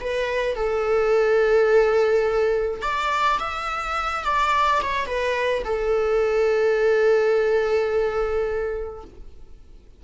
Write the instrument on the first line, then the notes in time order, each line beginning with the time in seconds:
viola
0.00 B4
0.55 A4
2.82 D5
3.39 E5
4.24 D5
4.82 C#5
5.06 B4
5.64 A4